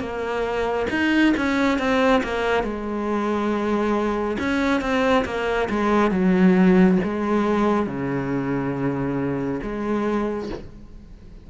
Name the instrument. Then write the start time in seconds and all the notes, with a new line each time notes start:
cello
0.00 A#3
0.91 D#4
1.38 C#4
1.79 C4
2.24 A#3
2.64 G#3
4.40 C#4
4.81 C4
5.25 A#3
5.70 G#3
6.11 F#3
7.04 G#3
7.87 C#3
9.63 G#3